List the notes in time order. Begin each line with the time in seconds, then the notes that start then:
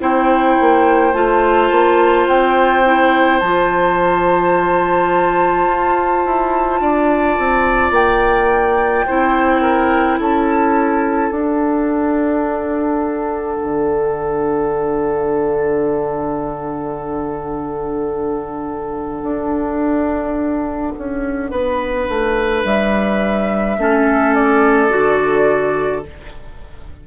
0.00 C4 E4 C5 G5
0.61 A#3
1.13 A3 F4 A5
1.71 A#3
2.28 C4 G5
2.85 E4
3.40 F3 F4 A5
5.68 F4
6.25 E4
6.81 D4 D5
7.38 C4
7.91 A#3 G5
9.06 C4 E4 C5
9.62 A#4
10.20 C#4 A4 A5
11.31 D4 F#5
13.63 D3
19.23 D4
20.98 C#4
21.51 B3 B4
22.09 A3
22.65 G3 E5
23.78 A3 C#4 A4
24.35 D5
24.90 D3 F#4